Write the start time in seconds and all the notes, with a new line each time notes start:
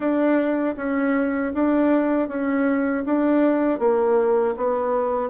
0.00 D4
0.76 C#4
1.54 D4
2.28 C#4
3.05 D4
3.79 A#3
4.56 B3